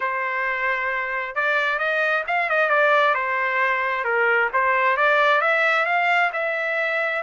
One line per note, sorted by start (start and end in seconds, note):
0.00 1.35 C5
1.35 1.79 D5
1.79 2.24 D#5
2.27 2.49 F5
2.49 2.69 D#5
2.69 3.14 D5
3.14 4.04 C5
4.04 4.49 A#4
4.53 4.96 C5
4.96 5.41 D5
5.41 5.85 E5
5.85 6.30 F5
6.32 7.22 E5